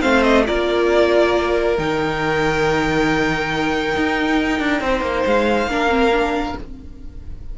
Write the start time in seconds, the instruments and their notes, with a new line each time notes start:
0.00 cello A3, viola C4, violin C5 F5
0.22 violin D#5
0.46 cello A#3, viola F4, violin A#4 D5
1.78 cello D#3, viola D#4, violin G5
3.96 cello D#4
4.59 cello D4
4.81 cello C4, violin C5
5.01 cello A#3
5.25 cello G#3, violin F5
5.66 cello A#3, viola D4, violin A#4
5.88 viola C4
6.12 viola D4